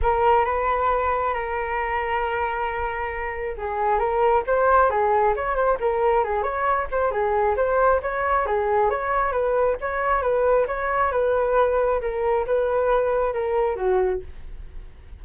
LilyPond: \new Staff \with { instrumentName = "flute" } { \time 4/4 \tempo 4 = 135 ais'4 b'2 ais'4~ | ais'1 | gis'4 ais'4 c''4 gis'4 | cis''8 c''8 ais'4 gis'8 cis''4 c''8 |
gis'4 c''4 cis''4 gis'4 | cis''4 b'4 cis''4 b'4 | cis''4 b'2 ais'4 | b'2 ais'4 fis'4 | }